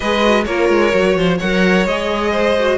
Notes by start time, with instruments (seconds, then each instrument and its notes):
0.00 cello G#3, viola G#4, violin B4 D#5
0.22 viola F#4
0.45 cello A#3, viola F4, violin A#4 C#5
0.69 cello G#3
0.92 cello F#3, viola F#4
1.15 cello F3, violin C5
1.38 cello F#3, viola A#4, violin C#5 F#5
1.85 cello G#3, viola G#4, violin D#5
2.31 violin C5
2.59 viola F#4